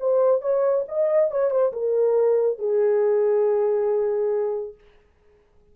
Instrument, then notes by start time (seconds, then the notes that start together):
horn
0.00 C5
0.42 C#5
0.88 D#5
1.31 C#5
1.51 C5
1.73 A#4
2.59 G#4